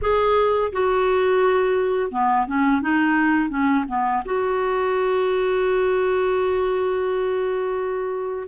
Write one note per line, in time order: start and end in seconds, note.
0.01 0.72 G#4
0.72 2.11 F#4
2.11 2.46 B3
2.46 2.81 C#4
2.81 3.49 D#4
3.49 3.85 C#4
3.88 4.23 B3
4.25 8.47 F#4